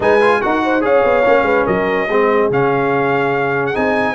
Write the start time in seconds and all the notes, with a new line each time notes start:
0.00 G#3 D#4 B4 G#5
0.20 F4
0.41 D#4 F#4 A#4 F#5
0.64 C5
0.81 C#4 G#4 C#5 F5
1.03 B3
1.25 A#3 C#4
1.42 G#3 B4
1.65 F#3 A#4 D#5
2.08 G#3 C4 G#4
2.50 C#3 C#4 F5
3.66 F#5
3.74 C4 D#4 G#5